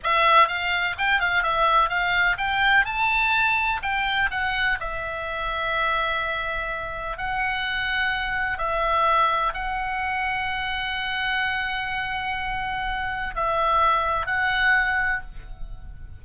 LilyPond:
\new Staff \with { instrumentName = "oboe" } { \time 4/4 \tempo 4 = 126 e''4 f''4 g''8 f''8 e''4 | f''4 g''4 a''2 | g''4 fis''4 e''2~ | e''2. fis''4~ |
fis''2 e''2 | fis''1~ | fis''1 | e''2 fis''2 | }